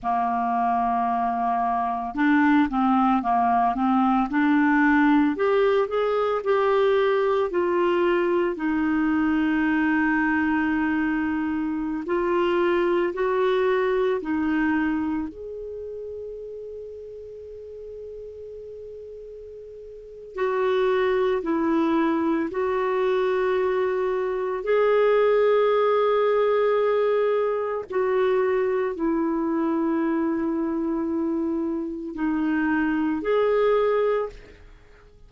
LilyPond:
\new Staff \with { instrumentName = "clarinet" } { \time 4/4 \tempo 4 = 56 ais2 d'8 c'8 ais8 c'8 | d'4 g'8 gis'8 g'4 f'4 | dis'2.~ dis'16 f'8.~ | f'16 fis'4 dis'4 gis'4.~ gis'16~ |
gis'2. fis'4 | e'4 fis'2 gis'4~ | gis'2 fis'4 e'4~ | e'2 dis'4 gis'4 | }